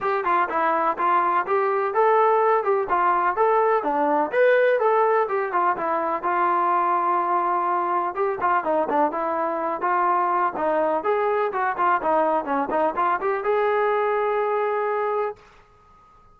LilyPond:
\new Staff \with { instrumentName = "trombone" } { \time 4/4 \tempo 4 = 125 g'8 f'8 e'4 f'4 g'4 | a'4. g'8 f'4 a'4 | d'4 b'4 a'4 g'8 f'8 | e'4 f'2.~ |
f'4 g'8 f'8 dis'8 d'8 e'4~ | e'8 f'4. dis'4 gis'4 | fis'8 f'8 dis'4 cis'8 dis'8 f'8 g'8 | gis'1 | }